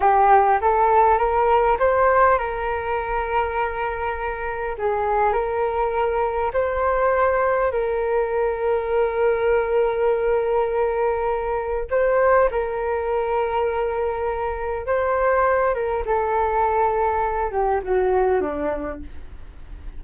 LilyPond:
\new Staff \with { instrumentName = "flute" } { \time 4/4 \tempo 4 = 101 g'4 a'4 ais'4 c''4 | ais'1 | gis'4 ais'2 c''4~ | c''4 ais'2.~ |
ais'1 | c''4 ais'2.~ | ais'4 c''4. ais'8 a'4~ | a'4. g'8 fis'4 d'4 | }